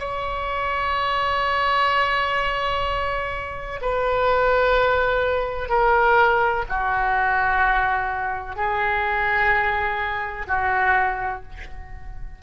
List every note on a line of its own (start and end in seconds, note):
0.00 3.81 C#5
3.82 5.70 B4
5.70 6.65 A#4
6.70 8.56 F#4
8.56 10.47 G#4
10.48 11.43 F#4